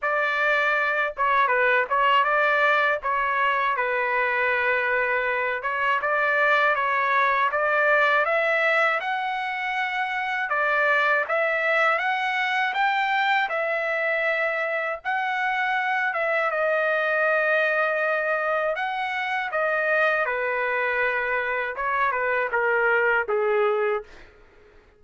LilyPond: \new Staff \with { instrumentName = "trumpet" } { \time 4/4 \tempo 4 = 80 d''4. cis''8 b'8 cis''8 d''4 | cis''4 b'2~ b'8 cis''8 | d''4 cis''4 d''4 e''4 | fis''2 d''4 e''4 |
fis''4 g''4 e''2 | fis''4. e''8 dis''2~ | dis''4 fis''4 dis''4 b'4~ | b'4 cis''8 b'8 ais'4 gis'4 | }